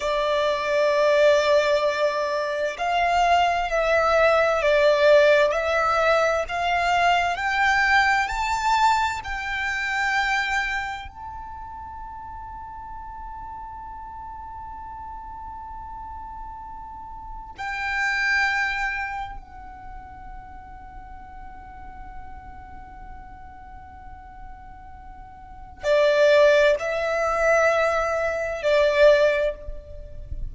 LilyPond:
\new Staff \with { instrumentName = "violin" } { \time 4/4 \tempo 4 = 65 d''2. f''4 | e''4 d''4 e''4 f''4 | g''4 a''4 g''2 | a''1~ |
a''2. g''4~ | g''4 fis''2.~ | fis''1 | d''4 e''2 d''4 | }